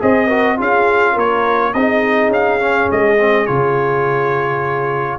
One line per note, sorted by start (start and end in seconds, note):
0.00 0.60 C4
0.00 0.29 G#4
0.00 0.27 C5
0.00 0.60 D#5
0.27 0.58 F#4
0.27 0.55 A#4
0.58 1.17 C#4
0.58 1.73 F4
0.58 1.13 G#4
0.58 1.19 F5
1.13 1.74 A#3
1.13 1.70 A#4
1.19 1.73 C#5
1.73 2.28 C4
1.73 2.60 D#4
1.73 5.19 G#4
1.73 2.31 D#5
2.28 2.86 C#4
2.28 2.91 F5
2.60 3.18 C#4
2.92 3.49 G#3
2.92 3.46 D#5
3.20 3.47 C4
3.46 5.19 C#3
3.46 5.19 F4
3.46 5.19 C#5